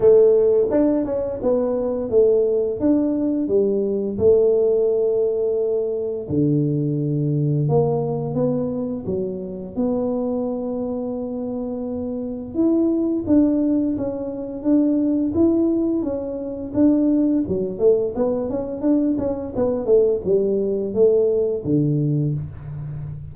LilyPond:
\new Staff \with { instrumentName = "tuba" } { \time 4/4 \tempo 4 = 86 a4 d'8 cis'8 b4 a4 | d'4 g4 a2~ | a4 d2 ais4 | b4 fis4 b2~ |
b2 e'4 d'4 | cis'4 d'4 e'4 cis'4 | d'4 fis8 a8 b8 cis'8 d'8 cis'8 | b8 a8 g4 a4 d4 | }